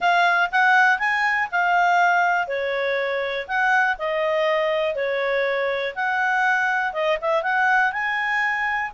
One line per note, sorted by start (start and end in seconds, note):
0.00 0.50 F5
0.51 0.98 F#5
0.98 1.48 G#5
1.51 2.47 F5
2.47 3.46 C#5
3.47 3.97 F#5
3.98 4.95 D#5
4.95 5.94 C#5
5.95 6.93 F#5
6.93 7.18 D#5
7.21 7.42 E5
7.42 7.92 F#5
7.92 8.91 G#5